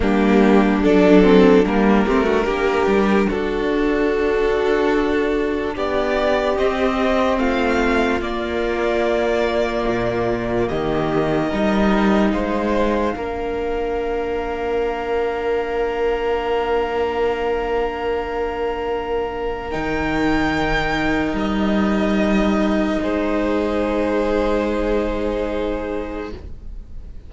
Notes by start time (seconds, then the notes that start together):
0.00 G3 A#3 D4 G4
0.83 F#3 D4 A4
1.22 C4
1.64 G3 A#3 A#4
2.04 A3 C4 G4
2.23 D4 F#4
2.44 A#3 G4
2.86 G3
3.27 D4 F#4 A4
5.74 B3 G4 D5
6.56 C4 D#5
7.38 A3 F4 F5
8.20 A#3 D5
9.87 A#2
10.67 D#3 G4 D#5
11.49 G3 D#4 A#4
12.30 G#3 C5 F5
13.15 A#3 D4 A#4
19.70 D#3 D#4 G5
21.33 G3 D#5
23.01 G#3 G#4 C5